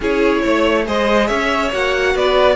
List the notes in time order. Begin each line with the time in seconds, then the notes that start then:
0.00 C#4 E4 G#4 C#5
0.41 A3 C#5
0.85 G#3 G#4 C5 D#5
1.27 C#4 C#5 E5
1.72 A#3 F#4 F#5
2.14 B3 B4 D5